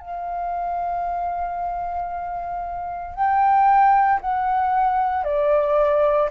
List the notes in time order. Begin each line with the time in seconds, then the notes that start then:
0.00 F5
3.15 G5
4.22 F#5
5.24 D5